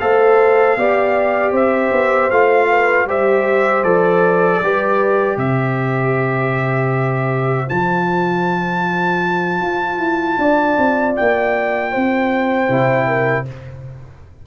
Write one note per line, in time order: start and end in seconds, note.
0.00 0.77 A3
0.00 0.78 A4
0.00 0.79 C5
0.00 1.54 F5
0.77 1.53 B3
0.77 2.32 G4
0.77 1.53 D5
1.53 1.91 C4
1.53 2.68 C5
1.53 2.31 E5
1.92 2.31 B3
2.31 3.06 A3
2.31 3.08 F4
2.31 3.08 F5
2.70 3.08 B4
3.06 3.83 G3
3.06 3.85 G4
3.06 4.61 C5
3.06 3.84 E5
3.84 4.61 F3
3.84 4.62 A4
3.84 5.38 D5
4.62 5.37 G3
4.62 7.67 G4
4.62 5.40 B4
5.37 7.68 C3
5.37 10.40 C5
5.37 7.69 E5
7.67 9.62 F3
7.67 12.67 F4
7.67 11.16 A5
9.62 9.98 F4
9.98 10.37 E4
10.38 10.77 D4
10.38 11.92 D5
10.79 11.17 C4
11.16 11.96 A#3
11.16 13.47 G5
11.92 12.69 C4
11.92 13.07 C5
12.68 13.46 C3
12.68 13.45 E4
13.08 13.46 A#4